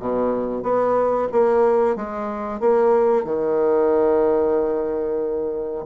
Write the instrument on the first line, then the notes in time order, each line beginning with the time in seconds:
bassoon
0.00 B2
0.63 B3
1.32 A#3
1.96 G#3
2.60 A#3
3.25 D#3